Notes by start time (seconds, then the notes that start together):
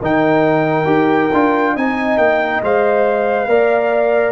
0.00 D#3 D#4 A#4 G5
0.85 D#4 G4
1.33 D4 F4
1.73 C4 D#4 D#5 G#5
2.17 A#3 G5
2.63 G#3 C5 F5
3.47 A#3 A#4 D5